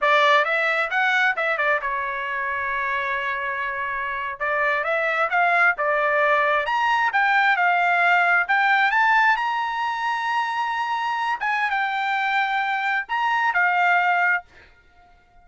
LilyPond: \new Staff \with { instrumentName = "trumpet" } { \time 4/4 \tempo 4 = 133 d''4 e''4 fis''4 e''8 d''8 | cis''1~ | cis''4.~ cis''16 d''4 e''4 f''16~ | f''8. d''2 ais''4 g''16~ |
g''8. f''2 g''4 a''16~ | a''8. ais''2.~ ais''16~ | ais''4~ ais''16 gis''8. g''2~ | g''4 ais''4 f''2 | }